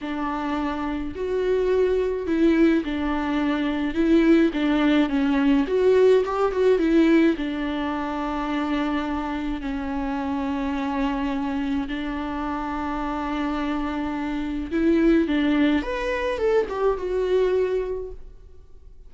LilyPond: \new Staff \with { instrumentName = "viola" } { \time 4/4 \tempo 4 = 106 d'2 fis'2 | e'4 d'2 e'4 | d'4 cis'4 fis'4 g'8 fis'8 | e'4 d'2.~ |
d'4 cis'2.~ | cis'4 d'2.~ | d'2 e'4 d'4 | b'4 a'8 g'8 fis'2 | }